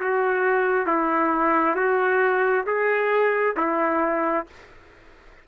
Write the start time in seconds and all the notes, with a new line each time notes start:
0.00 F#4
0.86 E4
1.75 F#4
2.66 G#4
3.56 E4